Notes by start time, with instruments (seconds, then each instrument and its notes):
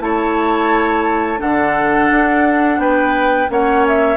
0.00 bassoon A3, clarinet E4, oboe C#5, flute A5
1.38 bassoon D3, clarinet D4, oboe A4, flute F#5
2.11 bassoon D4
2.78 bassoon B3, oboe B4, flute G5
3.49 bassoon A#3, clarinet C#4, oboe C#5, flute F#5
3.88 flute E5